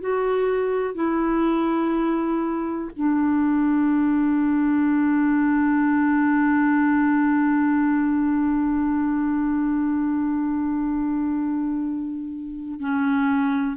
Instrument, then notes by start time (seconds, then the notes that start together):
clarinet
0.00 F#4
0.94 E4
2.96 D4
12.80 C#4